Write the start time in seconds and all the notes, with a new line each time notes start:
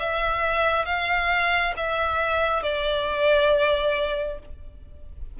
0.00 E5
0.86 F5
1.77 E5
2.63 D5